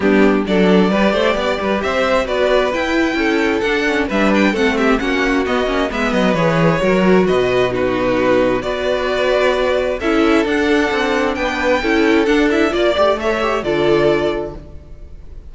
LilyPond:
<<
  \new Staff \with { instrumentName = "violin" } { \time 4/4 \tempo 4 = 132 g'4 d''2. | e''4 d''4 g''2 | fis''4 e''8 g''8 fis''8 e''8 fis''4 | dis''4 e''8 dis''8 cis''2 |
dis''4 b'2 d''4~ | d''2 e''4 fis''4~ | fis''4 g''2 fis''8 e''8 | d''4 e''4 d''2 | }
  \new Staff \with { instrumentName = "violin" } { \time 4/4 d'4 a'4 b'8 c''8 d''8 b'8 | c''4 b'2 a'4~ | a'4 b'4 a'8 g'8 fis'4~ | fis'4 b'2 ais'4 |
b'4 fis'2 b'4~ | b'2 a'2~ | a'4 b'4 a'2 | d''4 cis''4 a'2 | }
  \new Staff \with { instrumentName = "viola" } { \time 4/4 b4 d'4 g'2~ | g'4 fis'4 e'2 | d'8 cis'8 d'4 c'4 cis'4 | b8 cis'8 b4 gis'4 fis'4~ |
fis'4 dis'2 fis'4~ | fis'2 e'4 d'4~ | d'2 e'4 d'8 e'8 | f'8 g'8 a'8 g'8 f'2 | }
  \new Staff \with { instrumentName = "cello" } { \time 4/4 g4 fis4 g8 a8 b8 g8 | c'4 b4 e'4 cis'4 | d'4 g4 a4 ais4 | b8 ais8 gis8 fis8 e4 fis4 |
b,2. b4~ | b2 cis'4 d'4 | c'4 b4 cis'4 d'4 | ais8 a4. d2 | }
>>